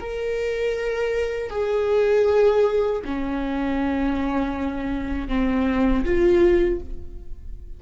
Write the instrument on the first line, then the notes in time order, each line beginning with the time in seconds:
viola
0.00 A#4
1.50 G#4
3.05 C#4
5.28 C4
6.04 F4